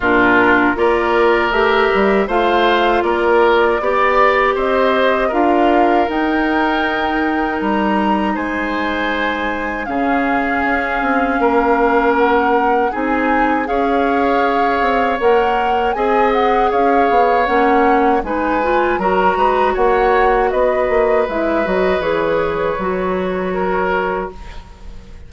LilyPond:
<<
  \new Staff \with { instrumentName = "flute" } { \time 4/4 \tempo 4 = 79 ais'4 d''4 e''4 f''4 | d''2 dis''4 f''4 | g''2 ais''4 gis''4~ | gis''4 f''2. |
fis''4 gis''4 f''2 | fis''4 gis''8 fis''8 f''4 fis''4 | gis''4 ais''4 fis''4 dis''4 | e''8 dis''8 cis''2. | }
  \new Staff \with { instrumentName = "oboe" } { \time 4/4 f'4 ais'2 c''4 | ais'4 d''4 c''4 ais'4~ | ais'2. c''4~ | c''4 gis'2 ais'4~ |
ais'4 gis'4 cis''2~ | cis''4 dis''4 cis''2 | b'4 ais'8 b'8 cis''4 b'4~ | b'2. ais'4 | }
  \new Staff \with { instrumentName = "clarinet" } { \time 4/4 d'4 f'4 g'4 f'4~ | f'4 g'2 f'4 | dis'1~ | dis'4 cis'2.~ |
cis'4 dis'4 gis'2 | ais'4 gis'2 cis'4 | dis'8 f'8 fis'2. | e'8 fis'8 gis'4 fis'2 | }
  \new Staff \with { instrumentName = "bassoon" } { \time 4/4 ais,4 ais4 a8 g8 a4 | ais4 b4 c'4 d'4 | dis'2 g4 gis4~ | gis4 cis4 cis'8 c'8 ais4~ |
ais4 c'4 cis'4. c'8 | ais4 c'4 cis'8 b8 ais4 | gis4 fis8 gis8 ais4 b8 ais8 | gis8 fis8 e4 fis2 | }
>>